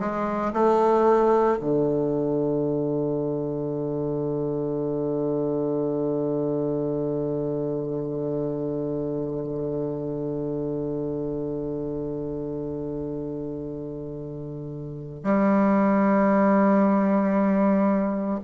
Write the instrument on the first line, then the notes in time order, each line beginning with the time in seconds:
bassoon
0.00 G#3
0.53 A3
1.60 D3
15.24 G3